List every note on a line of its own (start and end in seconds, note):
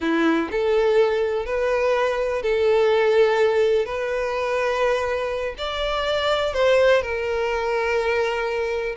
0.00 0.49 E4
0.51 1.45 A4
1.45 2.42 B4
2.42 3.85 A4
3.85 5.54 B4
5.58 6.53 D5
6.53 7.01 C5
7.02 8.95 A#4